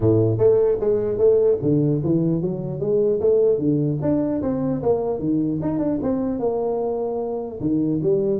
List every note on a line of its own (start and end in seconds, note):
0.00 0.38 A2
0.38 0.78 A3
0.80 1.18 G#3
1.18 1.58 A3
1.62 2.02 D3
2.03 2.41 E3
2.41 2.79 F#3
2.79 3.19 G#3
3.20 3.58 A3
3.58 3.98 D3
4.01 4.41 D4
4.41 4.81 C4
4.82 5.19 A#3
5.19 5.59 D#3
5.61 5.78 D#4
5.78 5.98 D4
6.02 6.39 C4
6.39 7.59 A#3
7.60 8.00 D#3
8.02 8.39 G3